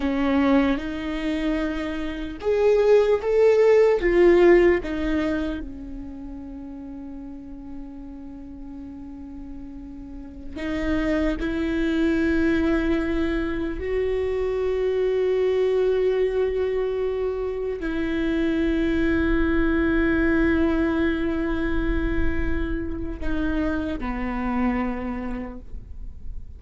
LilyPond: \new Staff \with { instrumentName = "viola" } { \time 4/4 \tempo 4 = 75 cis'4 dis'2 gis'4 | a'4 f'4 dis'4 cis'4~ | cis'1~ | cis'4~ cis'16 dis'4 e'4.~ e'16~ |
e'4~ e'16 fis'2~ fis'8.~ | fis'2~ fis'16 e'4.~ e'16~ | e'1~ | e'4 dis'4 b2 | }